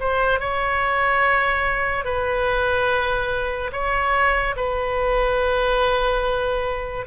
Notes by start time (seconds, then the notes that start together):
0.00 C5
0.40 C#5
2.05 B4
3.72 C#5
4.56 B4